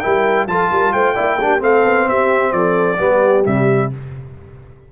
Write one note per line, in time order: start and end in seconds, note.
0.00 0.47 G3
0.00 0.48 E4
0.00 0.48 A#4
0.00 0.46 G5
0.47 0.70 F3
0.47 1.16 F4
0.47 0.70 A4
0.47 0.93 A5
0.70 0.94 G3
0.70 0.93 A#4
0.93 1.17 A3
0.93 1.15 C5
0.93 1.61 G5
1.15 1.61 A#3
1.15 1.39 E4
1.15 1.38 D5
1.41 1.60 D4
1.41 1.65 G4
1.60 1.84 A3
1.60 2.98 C4
1.60 2.09 A4
1.60 2.09 F5
1.85 2.08 B3
2.09 2.52 C4
2.09 2.54 G4
2.09 2.52 E5
2.52 2.98 F3
2.52 2.99 A4
2.52 3.44 D5
2.99 3.46 G3
2.99 3.44 B3
2.99 3.91 G4
3.45 3.92 C3
3.45 3.91 G3
3.45 3.92 E5